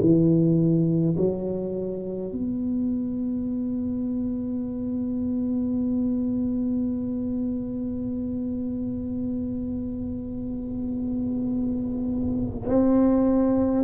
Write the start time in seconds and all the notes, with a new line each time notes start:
0.00 E3
1.17 F#3
2.32 B3
12.68 C4